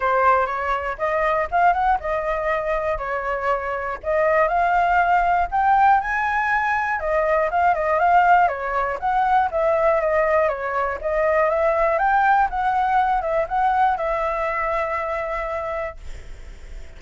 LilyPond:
\new Staff \with { instrumentName = "flute" } { \time 4/4 \tempo 4 = 120 c''4 cis''4 dis''4 f''8 fis''8 | dis''2 cis''2 | dis''4 f''2 g''4 | gis''2 dis''4 f''8 dis''8 |
f''4 cis''4 fis''4 e''4 | dis''4 cis''4 dis''4 e''4 | g''4 fis''4. e''8 fis''4 | e''1 | }